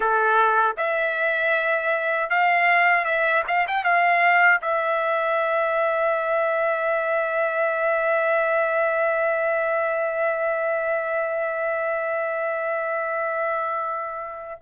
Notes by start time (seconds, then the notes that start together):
0.00 A4
0.77 E5
2.29 F5
3.05 E5
3.47 F5
3.67 G5
3.84 F5
4.61 E5